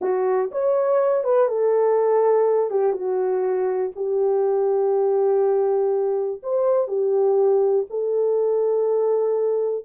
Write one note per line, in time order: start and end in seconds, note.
0.01 0.50 F#4
0.51 1.24 C#5
1.24 1.48 B4
1.48 2.70 A4
2.70 2.92 G4
2.92 3.91 F#4
3.95 6.41 G4
6.42 6.87 C5
6.87 7.86 G4
7.90 9.85 A4